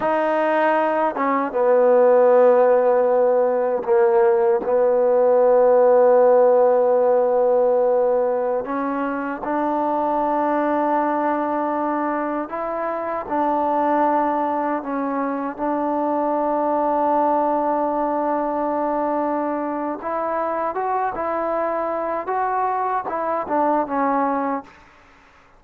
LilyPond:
\new Staff \with { instrumentName = "trombone" } { \time 4/4 \tempo 4 = 78 dis'4. cis'8 b2~ | b4 ais4 b2~ | b2.~ b16 cis'8.~ | cis'16 d'2.~ d'8.~ |
d'16 e'4 d'2 cis'8.~ | cis'16 d'2.~ d'8.~ | d'2 e'4 fis'8 e'8~ | e'4 fis'4 e'8 d'8 cis'4 | }